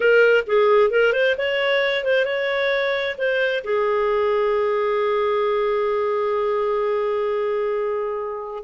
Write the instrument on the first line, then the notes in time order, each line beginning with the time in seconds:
clarinet
0.00 A#4
0.47 G#4
0.90 A#4
1.12 C5
1.37 C#5
2.04 C5
2.25 C#5
3.18 C5
3.64 G#4